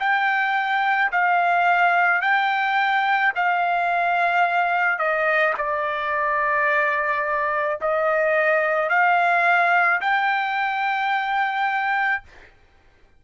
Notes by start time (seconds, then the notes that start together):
0.00 G5
1.12 F5
2.22 G5
3.35 F5
4.98 D#5
5.58 D5
7.81 D#5
8.90 F5
10.01 G5